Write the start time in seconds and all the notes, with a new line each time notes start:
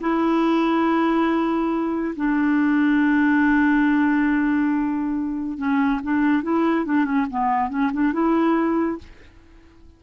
0.00 E4
2.16 D4
5.57 C#4
6.03 D4
6.42 E4
6.85 D4
7.04 C#4
7.30 B3
7.69 C#4
7.92 D4
8.12 E4